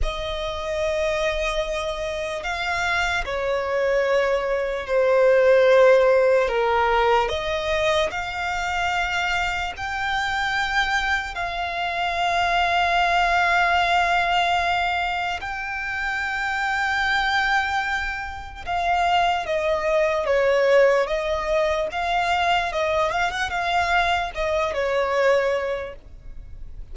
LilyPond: \new Staff \with { instrumentName = "violin" } { \time 4/4 \tempo 4 = 74 dis''2. f''4 | cis''2 c''2 | ais'4 dis''4 f''2 | g''2 f''2~ |
f''2. g''4~ | g''2. f''4 | dis''4 cis''4 dis''4 f''4 | dis''8 f''16 fis''16 f''4 dis''8 cis''4. | }